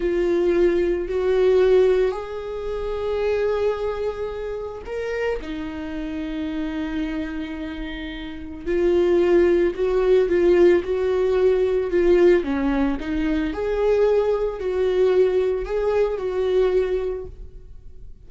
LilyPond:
\new Staff \with { instrumentName = "viola" } { \time 4/4 \tempo 4 = 111 f'2 fis'2 | gis'1~ | gis'4 ais'4 dis'2~ | dis'1 |
f'2 fis'4 f'4 | fis'2 f'4 cis'4 | dis'4 gis'2 fis'4~ | fis'4 gis'4 fis'2 | }